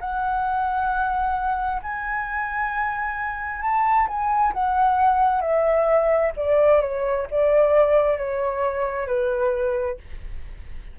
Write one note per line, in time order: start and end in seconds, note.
0.00 1.82 F#5
1.82 3.61 G#5
3.61 4.07 A5
4.07 4.52 G#5
4.53 5.41 F#5
5.41 6.32 E5
6.36 6.81 D5
6.81 7.26 C#5
7.31 8.17 D5
8.17 9.07 C#5
9.07 9.98 B4